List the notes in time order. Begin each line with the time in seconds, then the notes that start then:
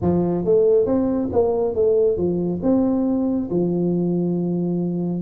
0.01 F3
0.44 A3
0.85 C4
1.32 A#3
1.74 A3
2.17 F3
2.62 C4
3.50 F3